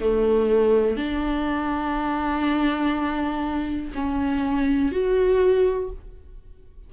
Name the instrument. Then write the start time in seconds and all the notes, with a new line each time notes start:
viola
0.00 A3
0.96 D4
3.94 C#4
4.92 F#4